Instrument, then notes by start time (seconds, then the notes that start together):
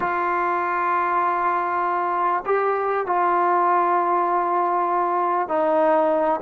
trombone
0.00 F4
2.45 G4
3.06 F4
5.48 D#4